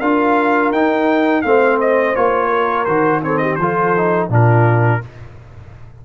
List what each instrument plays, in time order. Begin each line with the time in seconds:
0.00 tuba D4, trombone F4, horn A#4, trumpet F5
0.72 tuba D#4, trombone D#4, trumpet G5
1.42 tuba A3, trombone C4, horn C5, trumpet F5
1.81 trumpet D#5
2.15 tuba A#3, trombone F4, trumpet C#5
2.49 horn A#4
2.85 tuba D#3, trombone F#4, trumpet C5
3.23 trombone C4, horn A4, trumpet C#5
3.38 horn G4, trumpet D#5
3.56 tuba F3, horn A4, trumpet C5
3.62 trombone F4
3.97 trombone D#4
4.29 tuba A#2, trombone D4, horn F4, trumpet A#4